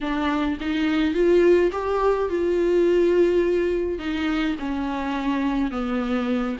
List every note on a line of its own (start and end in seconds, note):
0.01 0.58 D4
0.60 1.14 D#4
1.14 1.71 F4
1.72 2.29 G4
2.29 3.98 F4
3.98 4.56 D#4
4.59 5.71 C#4
5.71 6.57 B3